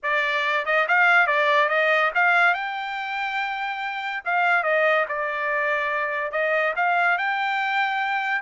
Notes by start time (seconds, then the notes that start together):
0.02 D5
0.65 D#5
0.88 F5
1.27 D5
1.68 D#5
2.14 F5
2.54 G5
4.24 F5
4.63 D#5
5.08 D5
6.31 D#5
6.76 F5
7.18 G5